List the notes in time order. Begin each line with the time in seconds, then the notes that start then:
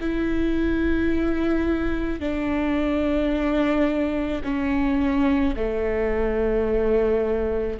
0.00 E4
2.20 D4
4.44 C#4
5.56 A3